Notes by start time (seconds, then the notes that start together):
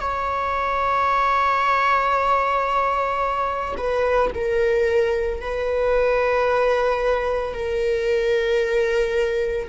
0.00 C#5
3.77 B4
4.34 A#4
5.41 B4
7.53 A#4